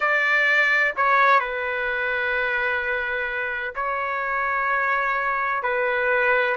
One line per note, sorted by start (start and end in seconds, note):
0.00 0.93 D5
0.96 1.39 C#5
1.39 3.74 B4
3.75 5.62 C#5
5.62 6.56 B4